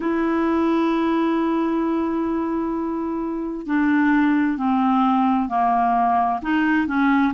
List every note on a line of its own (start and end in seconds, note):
0.00 3.66 E4
3.66 4.57 D4
4.57 5.48 C4
5.48 6.40 A#3
6.41 6.87 D#4
6.87 7.33 C#4